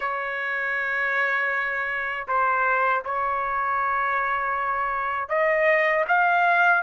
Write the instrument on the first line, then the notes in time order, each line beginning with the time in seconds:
trumpet
0.00 C#5
2.27 C5
3.04 C#5
5.28 D#5
6.08 F5